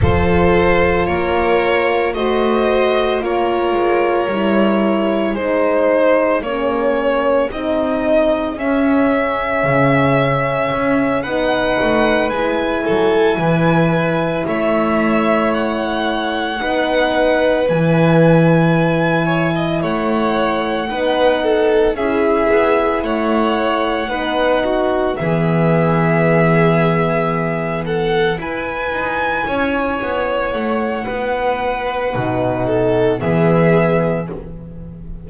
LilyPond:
<<
  \new Staff \with { instrumentName = "violin" } { \time 4/4 \tempo 4 = 56 c''4 cis''4 dis''4 cis''4~ | cis''4 c''4 cis''4 dis''4 | e''2~ e''8 fis''4 gis''8~ | gis''4. e''4 fis''4.~ |
fis''8 gis''2 fis''4.~ | fis''8 e''4 fis''2 e''8~ | e''2 fis''8 gis''4.~ | gis''8 fis''2~ fis''8 e''4 | }
  \new Staff \with { instrumentName = "violin" } { \time 4/4 a'4 ais'4 c''4 ais'4~ | ais'4 gis'2.~ | gis'2~ gis'8 b'4. | a'8 b'4 cis''2 b'8~ |
b'2 cis''16 dis''16 cis''4 b'8 | a'8 gis'4 cis''4 b'8 fis'8 gis'8~ | gis'2 a'8 b'4 cis''8~ | cis''4 b'4. a'8 gis'4 | }
  \new Staff \with { instrumentName = "horn" } { \time 4/4 f'2 fis'4 f'4 | e'4 dis'4 cis'4 dis'4 | cis'2~ cis'8 dis'4 e'8~ | e'2.~ e'8 dis'8~ |
dis'8 e'2. dis'8~ | dis'8 e'2 dis'4 b8~ | b2~ b8 e'4.~ | e'2 dis'4 b4 | }
  \new Staff \with { instrumentName = "double bass" } { \time 4/4 f4 ais4 a4 ais8 gis8 | g4 gis4 ais4 c'4 | cis'4 cis4 cis'8 b8 a8 gis8 | fis8 e4 a2 b8~ |
b8 e2 a4 b8~ | b8 cis'8 b8 a4 b4 e8~ | e2~ e8 e'8 dis'8 cis'8 | b8 a8 b4 b,4 e4 | }
>>